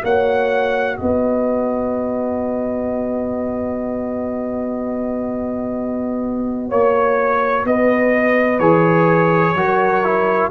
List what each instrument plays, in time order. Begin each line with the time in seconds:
0.00 tuba A#3, trombone F#4, horn C#5, trumpet F#5
0.97 tuba B3, horn B4, trumpet D#5
6.68 tuba A#3, horn C#5, trumpet C#5
7.65 tuba B3, horn B4, trumpet D#5
8.59 tuba E3, trombone G#4, trumpet C#5
9.55 tuba F#3, trombone F#4, horn A#4
10.04 trombone E4